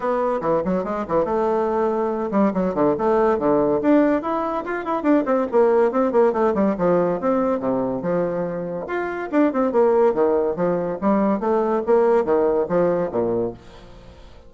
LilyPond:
\new Staff \with { instrumentName = "bassoon" } { \time 4/4 \tempo 4 = 142 b4 e8 fis8 gis8 e8 a4~ | a4. g8 fis8 d8 a4 | d4 d'4 e'4 f'8 e'8 | d'8 c'8 ais4 c'8 ais8 a8 g8 |
f4 c'4 c4 f4~ | f4 f'4 d'8 c'8 ais4 | dis4 f4 g4 a4 | ais4 dis4 f4 ais,4 | }